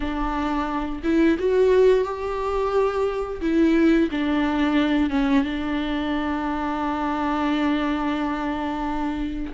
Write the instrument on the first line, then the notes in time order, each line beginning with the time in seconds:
viola
0.00 D4
1.03 E4
1.38 F#4
2.04 G4
3.41 E4
4.11 D4
5.10 C#4
5.44 D4